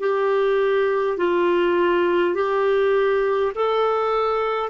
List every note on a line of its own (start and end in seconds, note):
0.00 1.18 G4
1.18 2.35 F4
2.35 3.52 G4
3.55 4.70 A4